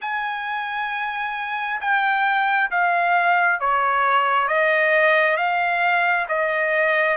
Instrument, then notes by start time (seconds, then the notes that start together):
trumpet
0.01 G#5
1.80 G5
2.70 F5
3.59 C#5
4.48 D#5
5.36 F5
6.28 D#5